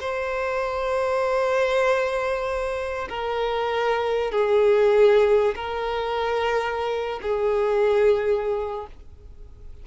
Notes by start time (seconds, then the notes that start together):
0.00 C5
3.09 A#4
4.32 G#4
5.56 A#4
7.22 G#4